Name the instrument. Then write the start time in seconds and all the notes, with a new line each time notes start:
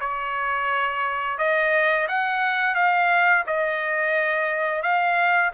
trumpet
0.00 C#5
1.38 D#5
2.08 F#5
2.75 F5
3.46 D#5
4.82 F5